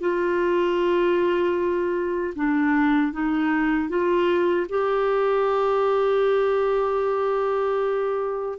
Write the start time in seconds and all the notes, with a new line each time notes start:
0.00 F4
2.35 D4
3.12 D#4
3.89 F4
4.69 G4